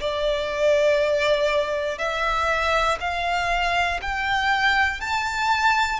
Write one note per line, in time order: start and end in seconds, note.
0.00 1.98 D5
1.98 2.98 E5
3.00 4.00 F5
4.01 5.00 G5
5.00 6.00 A5